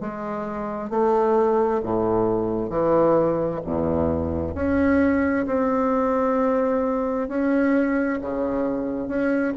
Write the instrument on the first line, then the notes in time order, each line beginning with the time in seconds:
bassoon
0.00 G#3
0.90 A3
1.83 A2
2.69 E3
3.64 E2
4.55 C#4
5.46 C4
7.28 C#4
8.21 C#3
9.08 C#4